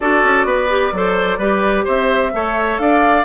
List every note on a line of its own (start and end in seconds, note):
0.00 0.23 D4
0.00 0.68 F#4
0.00 0.46 A4
0.00 1.84 D5
0.23 0.45 C#4
0.45 0.91 B3
0.45 0.93 B4
0.68 0.92 G4
0.92 1.38 F#3
0.92 1.40 A4
0.92 1.38 C5
1.38 1.84 G3
1.38 2.33 G4
1.38 1.84 B4
1.84 2.33 C4
1.84 2.31 C5
1.84 2.78 E5
2.33 2.78 A3
2.33 3.25 A4
2.33 2.81 C#5
2.78 3.25 D4
2.78 3.25 D5
2.78 3.24 F5